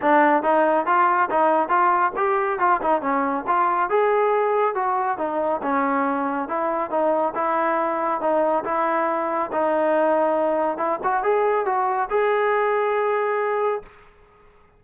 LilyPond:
\new Staff \with { instrumentName = "trombone" } { \time 4/4 \tempo 4 = 139 d'4 dis'4 f'4 dis'4 | f'4 g'4 f'8 dis'8 cis'4 | f'4 gis'2 fis'4 | dis'4 cis'2 e'4 |
dis'4 e'2 dis'4 | e'2 dis'2~ | dis'4 e'8 fis'8 gis'4 fis'4 | gis'1 | }